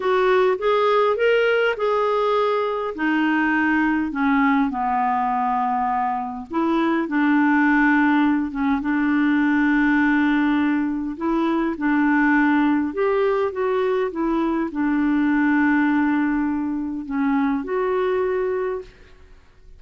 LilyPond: \new Staff \with { instrumentName = "clarinet" } { \time 4/4 \tempo 4 = 102 fis'4 gis'4 ais'4 gis'4~ | gis'4 dis'2 cis'4 | b2. e'4 | d'2~ d'8 cis'8 d'4~ |
d'2. e'4 | d'2 g'4 fis'4 | e'4 d'2.~ | d'4 cis'4 fis'2 | }